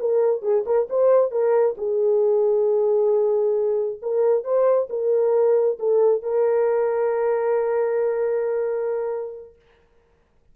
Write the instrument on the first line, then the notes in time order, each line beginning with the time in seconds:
horn
0.00 A#4
0.42 G#4
0.66 A#4
0.90 C5
1.32 A#4
1.78 G#4
4.02 A#4
4.44 C5
4.90 A#4
5.79 A4
6.23 A#4